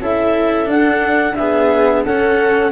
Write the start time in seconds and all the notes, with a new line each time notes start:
0.00 C#4 E4 A4 E5
0.65 D4 F#5
1.35 B3 G#4 E5
2.04 C#4 A4 F#5